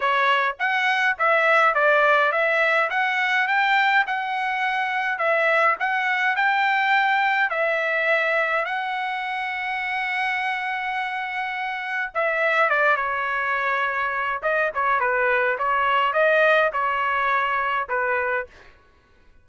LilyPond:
\new Staff \with { instrumentName = "trumpet" } { \time 4/4 \tempo 4 = 104 cis''4 fis''4 e''4 d''4 | e''4 fis''4 g''4 fis''4~ | fis''4 e''4 fis''4 g''4~ | g''4 e''2 fis''4~ |
fis''1~ | fis''4 e''4 d''8 cis''4.~ | cis''4 dis''8 cis''8 b'4 cis''4 | dis''4 cis''2 b'4 | }